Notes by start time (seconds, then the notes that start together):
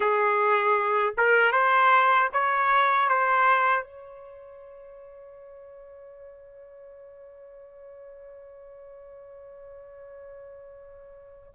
0.00 G#4
1.17 A#4
1.52 C5
2.32 C#5
3.08 C5
3.83 C#5